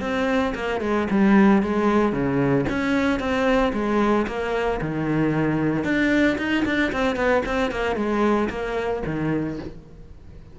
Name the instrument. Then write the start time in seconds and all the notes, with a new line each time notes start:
cello
0.00 C4
0.55 A#3
0.81 G#3
1.10 G3
1.62 G#3
2.12 C#3
2.69 C#4
3.19 C4
3.73 G#3
4.27 A#3
4.81 D#3
5.84 D4
6.37 D#4
6.65 D4
6.92 C4
7.16 B3
7.46 C4
7.71 A#3
7.95 G#3
8.49 A#3
9.06 D#3